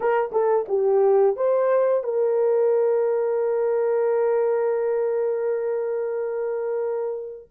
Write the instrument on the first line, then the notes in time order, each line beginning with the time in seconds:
horn
0.00 A#4
0.32 A4
0.68 G4
1.36 C5
2.03 A#4